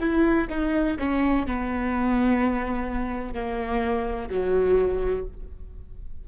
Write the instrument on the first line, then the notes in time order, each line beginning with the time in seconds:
viola
0.00 E4
0.50 D#4
0.99 C#4
1.47 B3
3.34 A#3
4.30 F#3